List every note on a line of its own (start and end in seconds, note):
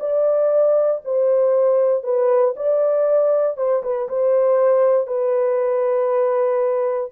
0.00 1.02 D5
1.05 2.03 C5
2.03 2.54 B4
2.56 3.57 D5
3.57 3.83 C5
3.83 4.09 B4
4.09 5.07 C5
5.07 7.10 B4